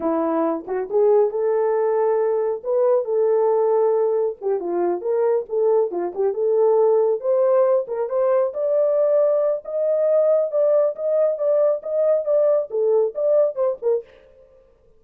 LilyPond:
\new Staff \with { instrumentName = "horn" } { \time 4/4 \tempo 4 = 137 e'4. fis'8 gis'4 a'4~ | a'2 b'4 a'4~ | a'2 g'8 f'4 ais'8~ | ais'8 a'4 f'8 g'8 a'4.~ |
a'8 c''4. ais'8 c''4 d''8~ | d''2 dis''2 | d''4 dis''4 d''4 dis''4 | d''4 a'4 d''4 c''8 ais'8 | }